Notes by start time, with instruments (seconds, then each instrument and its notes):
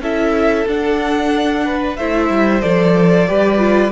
0.00 cello C#4, viola E4, violin A4 E5
0.67 cello D4, viola D4, violin F#5
1.65 violin B4
1.96 cello A3, viola E4, violin C5 E5
2.29 cello G3
2.62 cello F3, viola A4, violin D5
3.27 cello G3, viola G4, violin B4
3.58 viola F4